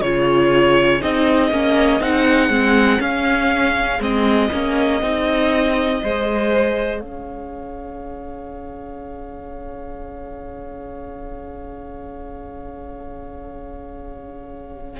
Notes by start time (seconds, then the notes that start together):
0.00 C#3 F4 G#4 C#5
1.01 C4 D#4 D#5
1.51 A#3 C#4
2.00 C4 D#4 F#5
2.49 G#3 C4
2.99 C#4 F5
3.99 G#3 C4 D#5
4.52 A#3 C#4
5.02 C4 D#4
6.01 G#3 G#4 C5
7.00 C#4 C#5 F5